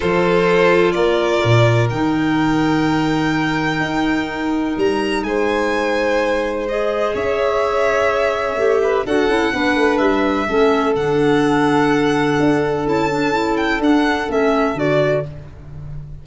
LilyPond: <<
  \new Staff \with { instrumentName = "violin" } { \time 4/4 \tempo 4 = 126 c''2 d''2 | g''1~ | g''2 ais''4 gis''4~ | gis''2 dis''4 e''4~ |
e''2. fis''4~ | fis''4 e''2 fis''4~ | fis''2. a''4~ | a''8 g''8 fis''4 e''4 d''4 | }
  \new Staff \with { instrumentName = "violin" } { \time 4/4 a'2 ais'2~ | ais'1~ | ais'2. c''4~ | c''2. cis''4~ |
cis''2~ cis''8 b'8 a'4 | b'2 a'2~ | a'1~ | a'1 | }
  \new Staff \with { instrumentName = "clarinet" } { \time 4/4 f'1 | dis'1~ | dis'1~ | dis'2 gis'2~ |
gis'2 g'4 fis'8 e'8 | d'2 cis'4 d'4~ | d'2. e'8 d'8 | e'4 d'4 cis'4 fis'4 | }
  \new Staff \with { instrumentName = "tuba" } { \time 4/4 f2 ais4 ais,4 | dis1 | dis'2 g4 gis4~ | gis2. cis'4~ |
cis'2 a4 d'8 cis'8 | b8 a8 g4 a4 d4~ | d2 d'4 cis'4~ | cis'4 d'4 a4 d4 | }
>>